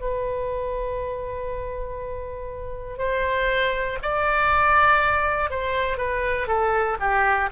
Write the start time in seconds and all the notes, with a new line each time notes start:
0.00 B4
2.98 C5
4.02 D5
5.50 C5
5.97 B4
6.47 A4
7.00 G4